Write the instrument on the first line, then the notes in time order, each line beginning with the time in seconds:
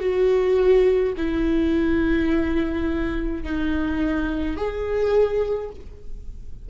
viola
0.00 F#4
1.17 E4
3.43 D#4
4.57 G#4